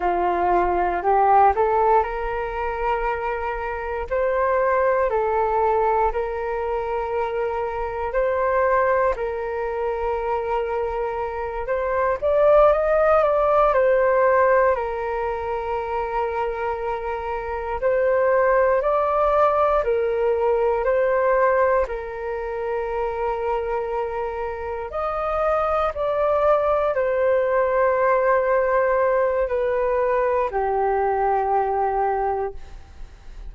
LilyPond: \new Staff \with { instrumentName = "flute" } { \time 4/4 \tempo 4 = 59 f'4 g'8 a'8 ais'2 | c''4 a'4 ais'2 | c''4 ais'2~ ais'8 c''8 | d''8 dis''8 d''8 c''4 ais'4.~ |
ais'4. c''4 d''4 ais'8~ | ais'8 c''4 ais'2~ ais'8~ | ais'8 dis''4 d''4 c''4.~ | c''4 b'4 g'2 | }